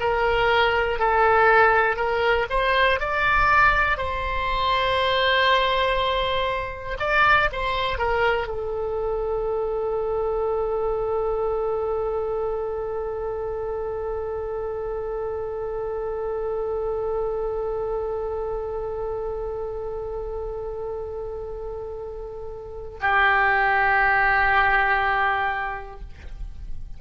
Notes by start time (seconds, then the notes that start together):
0.00 A#4
1.00 A4
1.96 A#4
2.50 C5
3.00 D5
3.98 C5
7.00 D5
7.52 C5
7.98 A#4
8.48 A4
23.01 G4